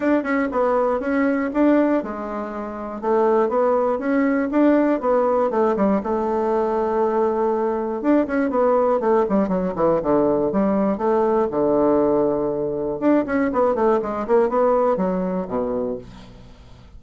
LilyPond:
\new Staff \with { instrumentName = "bassoon" } { \time 4/4 \tempo 4 = 120 d'8 cis'8 b4 cis'4 d'4 | gis2 a4 b4 | cis'4 d'4 b4 a8 g8 | a1 |
d'8 cis'8 b4 a8 g8 fis8 e8 | d4 g4 a4 d4~ | d2 d'8 cis'8 b8 a8 | gis8 ais8 b4 fis4 b,4 | }